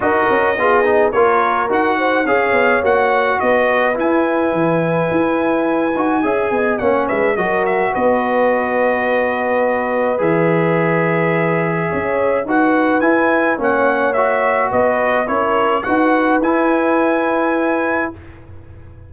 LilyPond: <<
  \new Staff \with { instrumentName = "trumpet" } { \time 4/4 \tempo 4 = 106 dis''2 cis''4 fis''4 | f''4 fis''4 dis''4 gis''4~ | gis''1 | fis''8 e''8 dis''8 e''8 dis''2~ |
dis''2 e''2~ | e''2 fis''4 gis''4 | fis''4 e''4 dis''4 cis''4 | fis''4 gis''2. | }
  \new Staff \with { instrumentName = "horn" } { \time 4/4 ais'4 gis'4 ais'4. c''8 | cis''2 b'2~ | b'2. e''8 dis''8 | cis''8 b'8 ais'4 b'2~ |
b'1~ | b'4 cis''4 b'2 | cis''2 b'4 ais'4 | b'1 | }
  \new Staff \with { instrumentName = "trombone" } { \time 4/4 fis'4 f'8 dis'8 f'4 fis'4 | gis'4 fis'2 e'4~ | e'2~ e'8 fis'8 gis'4 | cis'4 fis'2.~ |
fis'2 gis'2~ | gis'2 fis'4 e'4 | cis'4 fis'2 e'4 | fis'4 e'2. | }
  \new Staff \with { instrumentName = "tuba" } { \time 4/4 dis'8 cis'8 b4 ais4 dis'4 | cis'8 b8 ais4 b4 e'4 | e4 e'4. dis'8 cis'8 b8 | ais8 gis8 fis4 b2~ |
b2 e2~ | e4 cis'4 dis'4 e'4 | ais2 b4 cis'4 | dis'4 e'2. | }
>>